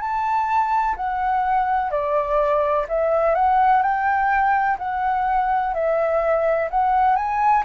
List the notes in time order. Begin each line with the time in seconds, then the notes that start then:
0.00 A5
0.97 F#5
1.90 D5
2.88 E5
3.35 F#5
3.82 G5
4.78 F#5
5.74 E5
6.71 F#5
7.16 G#5